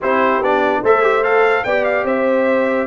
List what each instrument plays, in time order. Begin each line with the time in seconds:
0.00 tuba C4, trombone E4, horn G4, trumpet C5
0.41 tuba B3, trombone D4, trumpet D5
0.82 tuba A3, trombone A4, horn C5, trumpet E5
1.02 trombone G4
1.23 trombone A4, trumpet F5
1.64 tuba B3, trombone G4, horn D5, trumpet G5
1.84 trumpet F5
2.04 tuba C4, horn C5, trumpet E5